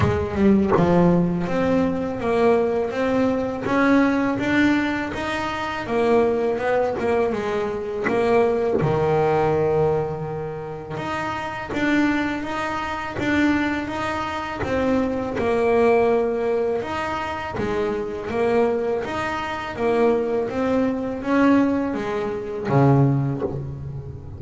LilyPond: \new Staff \with { instrumentName = "double bass" } { \time 4/4 \tempo 4 = 82 gis8 g8 f4 c'4 ais4 | c'4 cis'4 d'4 dis'4 | ais4 b8 ais8 gis4 ais4 | dis2. dis'4 |
d'4 dis'4 d'4 dis'4 | c'4 ais2 dis'4 | gis4 ais4 dis'4 ais4 | c'4 cis'4 gis4 cis4 | }